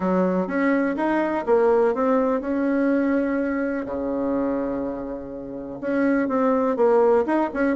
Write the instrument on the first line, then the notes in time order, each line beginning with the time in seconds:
bassoon
0.00 F#3
0.47 C#4
0.96 D#4
1.46 A#3
1.94 C4
2.40 C#4
3.85 C#3
5.80 C#4
6.28 C4
6.76 A#3
7.26 D#4
7.53 C#4